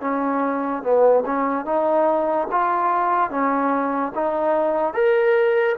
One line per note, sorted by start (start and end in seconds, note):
0.00 0.82 C#4
0.82 1.23 B3
1.25 1.65 C#4
1.65 2.47 D#4
2.51 3.30 F4
3.30 4.12 C#4
4.15 4.93 D#4
4.93 5.75 A#4